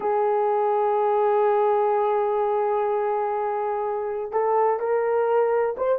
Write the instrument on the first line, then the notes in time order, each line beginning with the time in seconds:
horn
0.00 G#4
4.31 A4
4.79 A#4
5.77 C5